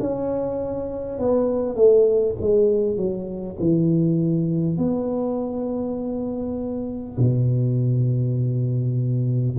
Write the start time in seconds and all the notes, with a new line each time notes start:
0.00 C#4
1.19 B3
1.76 A3
2.41 G#3
2.97 F#3
3.60 E3
4.78 B3
7.18 B2